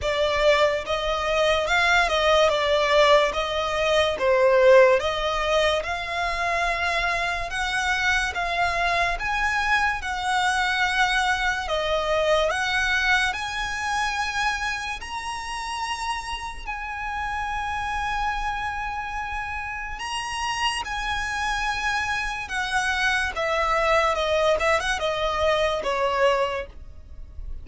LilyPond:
\new Staff \with { instrumentName = "violin" } { \time 4/4 \tempo 4 = 72 d''4 dis''4 f''8 dis''8 d''4 | dis''4 c''4 dis''4 f''4~ | f''4 fis''4 f''4 gis''4 | fis''2 dis''4 fis''4 |
gis''2 ais''2 | gis''1 | ais''4 gis''2 fis''4 | e''4 dis''8 e''16 fis''16 dis''4 cis''4 | }